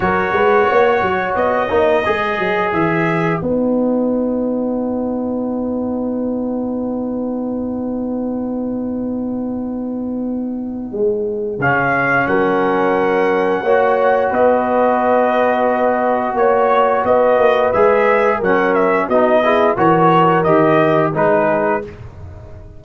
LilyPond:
<<
  \new Staff \with { instrumentName = "trumpet" } { \time 4/4 \tempo 4 = 88 cis''2 dis''2 | e''4 fis''2.~ | fis''1~ | fis''1~ |
fis''4 f''4 fis''2~ | fis''4 dis''2. | cis''4 dis''4 e''4 fis''8 e''8 | dis''4 cis''4 dis''4 b'4 | }
  \new Staff \with { instrumentName = "horn" } { \time 4/4 ais'8 b'8 cis''2 b'4~ | b'1~ | b'1~ | b'1~ |
b'2 ais'2 | cis''4 b'2. | cis''4 b'2 ais'4 | fis'8 gis'8 ais'2 gis'4 | }
  \new Staff \with { instrumentName = "trombone" } { \time 4/4 fis'2~ fis'8 dis'8 gis'4~ | gis'4 dis'2.~ | dis'1~ | dis'1~ |
dis'4 cis'2. | fis'1~ | fis'2 gis'4 cis'4 | dis'8 e'8 fis'4 g'4 dis'4 | }
  \new Staff \with { instrumentName = "tuba" } { \time 4/4 fis8 gis8 ais8 fis8 b8 ais8 gis8 fis8 | e4 b2.~ | b1~ | b1 |
gis4 cis4 fis2 | ais4 b2. | ais4 b8 ais8 gis4 fis4 | b4 e4 dis4 gis4 | }
>>